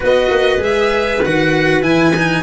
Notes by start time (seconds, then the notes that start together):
0.00 B3 F#4 B4 D#5
0.29 A#3
0.58 G#3 G#4 E5
1.24 D#3 F#4 F#5
1.82 E3 E4 G#5
2.16 D#4